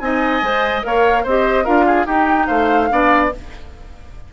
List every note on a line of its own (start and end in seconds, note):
0.00 0.42 C4
0.00 0.43 D#4
0.00 0.87 D#5
0.00 0.82 G#5
0.43 0.84 G#3
0.43 0.83 C5
0.83 1.26 A#3
0.83 1.24 A#4
0.83 1.24 C#5
0.83 1.26 F5
1.24 1.67 C4
1.24 1.65 G4
1.24 1.64 C5
1.24 1.66 D#5
1.64 2.06 D4
1.64 2.06 F4
1.64 1.85 A#4
1.64 2.07 F5
1.87 2.07 G#4
2.06 2.48 D#4
2.06 2.90 D#4
2.06 2.47 G4
2.06 2.47 G5
2.47 2.91 A3
2.47 2.88 C5
2.47 3.29 F5
2.90 3.33 B3
2.90 3.31 D4
2.90 3.33 D5